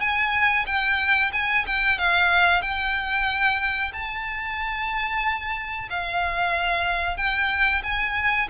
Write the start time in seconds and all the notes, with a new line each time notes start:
0.00 G#5
0.66 G5
1.32 G#5
1.66 G5
1.98 F5
2.61 G5
3.92 A5
5.90 F5
7.17 G5
7.83 G#5